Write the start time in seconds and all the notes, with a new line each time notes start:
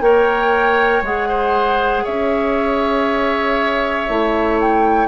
0.00 A#3 A#4 C#5 G5
1.01 G#3 G#4 F#5
1.28 C5
2.03 C#4 C#5 E5
4.08 A3 E4
4.60 G5